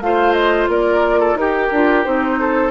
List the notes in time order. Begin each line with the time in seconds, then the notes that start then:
0.00 A3 F4 C5 F5
0.33 D#5
0.68 A#3 A#4 D5
1.19 A4
1.34 D#4 G4 A#4
1.71 D4 F4
2.04 C4 D#4 C5
2.39 A4